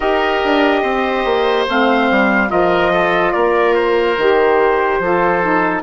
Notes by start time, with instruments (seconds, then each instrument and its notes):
0.00 bassoon D#4, saxophone G4, oboe A#4, trumpet D#5
0.44 bassoon D4
0.82 bassoon C4, oboe C5
1.24 bassoon A#3
1.68 bassoon A3, saxophone C4, trumpet F5
2.10 bassoon G3
2.48 bassoon F3, saxophone F4, oboe A#4, trumpet D#5
2.92 oboe A4
3.32 bassoon A#3, oboe A#4, trumpet D5
3.74 trumpet C5
4.17 bassoon D#3, saxophone G4
4.99 bassoon F3, saxophone F4, oboe A4
5.42 saxophone D#4